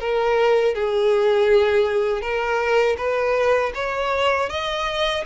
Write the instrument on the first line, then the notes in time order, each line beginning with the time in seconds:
violin
0.00 A#4
0.75 G#4
2.22 A#4
2.98 B4
3.75 C#5
4.50 D#5